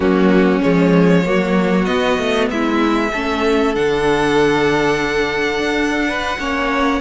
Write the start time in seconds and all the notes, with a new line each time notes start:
0.00 F#3 A#3 C#4 F#4
0.61 F3 G#3 C#5
1.24 F#3 A#3 F#4
1.85 B3 D#5
2.18 A3
2.50 G#3 E4 E5
3.11 A3 C#4 A4
3.74 D3 D4 F#5
5.59 D4
6.07 B4
6.38 A#3 C#4 C#5